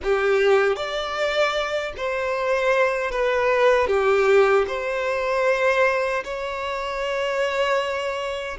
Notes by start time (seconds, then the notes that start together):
0.03 G4
0.75 D5
1.96 C5
3.11 B4
3.87 G4
4.68 C5
6.24 C#5